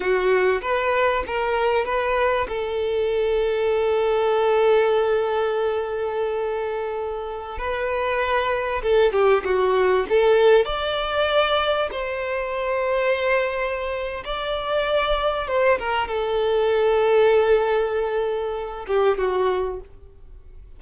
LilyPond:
\new Staff \with { instrumentName = "violin" } { \time 4/4 \tempo 4 = 97 fis'4 b'4 ais'4 b'4 | a'1~ | a'1~ | a'16 b'2 a'8 g'8 fis'8.~ |
fis'16 a'4 d''2 c''8.~ | c''2. d''4~ | d''4 c''8 ais'8 a'2~ | a'2~ a'8 g'8 fis'4 | }